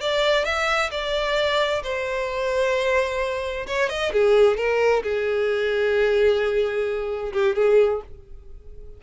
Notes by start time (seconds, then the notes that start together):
0.00 D5
0.44 E5
0.91 D5
1.83 C5
3.66 C#5
3.89 D#5
4.12 G#4
4.57 A#4
5.03 G#4
7.32 G4
7.55 G#4